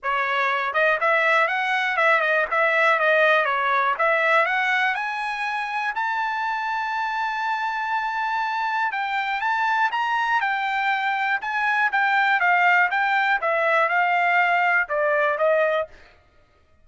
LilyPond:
\new Staff \with { instrumentName = "trumpet" } { \time 4/4 \tempo 4 = 121 cis''4. dis''8 e''4 fis''4 | e''8 dis''8 e''4 dis''4 cis''4 | e''4 fis''4 gis''2 | a''1~ |
a''2 g''4 a''4 | ais''4 g''2 gis''4 | g''4 f''4 g''4 e''4 | f''2 d''4 dis''4 | }